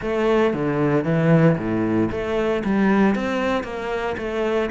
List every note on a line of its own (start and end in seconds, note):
0.01 0.53 A3
0.53 1.04 D3
1.04 1.56 E3
1.58 2.10 A2
2.11 2.63 A3
2.64 3.15 G3
3.15 3.63 C4
3.63 4.15 A#3
4.17 4.70 A3